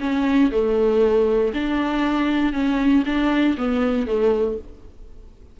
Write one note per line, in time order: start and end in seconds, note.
0.00 0.51 C#4
0.51 1.53 A3
1.53 2.53 D4
2.53 3.03 C#4
3.06 3.56 D4
3.58 4.07 B3
4.07 4.58 A3